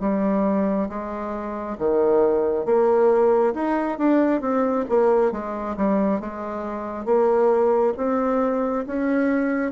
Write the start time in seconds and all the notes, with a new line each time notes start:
0.00 G3
0.89 G#3
1.78 D#3
2.65 A#3
3.54 D#4
3.98 D4
4.40 C4
4.89 A#3
5.31 G#3
5.76 G3
6.20 G#3
7.05 A#3
7.97 C4
8.86 C#4